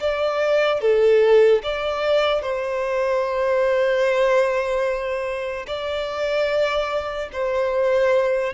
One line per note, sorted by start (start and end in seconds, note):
0.00 0.81 D5
0.81 1.62 A4
1.63 2.42 D5
2.42 5.66 C5
5.67 7.29 D5
7.33 8.53 C5